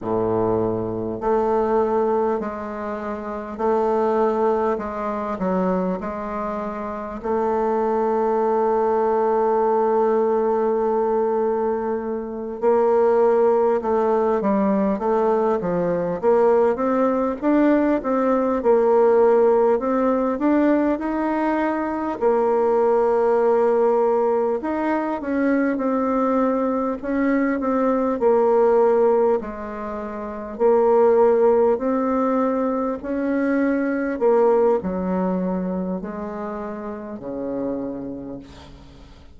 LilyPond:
\new Staff \with { instrumentName = "bassoon" } { \time 4/4 \tempo 4 = 50 a,4 a4 gis4 a4 | gis8 fis8 gis4 a2~ | a2~ a8 ais4 a8 | g8 a8 f8 ais8 c'8 d'8 c'8 ais8~ |
ais8 c'8 d'8 dis'4 ais4.~ | ais8 dis'8 cis'8 c'4 cis'8 c'8 ais8~ | ais8 gis4 ais4 c'4 cis'8~ | cis'8 ais8 fis4 gis4 cis4 | }